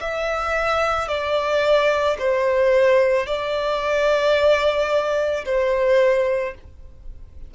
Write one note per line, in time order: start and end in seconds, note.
0.00 1.08 E5
1.08 2.17 D5
2.19 3.26 C5
3.26 5.44 D5
5.45 6.54 C5